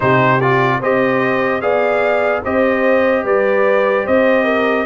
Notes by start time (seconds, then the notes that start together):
0.00 C3 D#4 G4 C5
0.40 F4 D5
0.80 C4 G4 C5 D#5
1.61 B3 G#4 D5 F5
2.43 C4 G4 C5 D#5
3.23 G3 B4 D5
4.05 C4 C5 D#5
4.44 A#4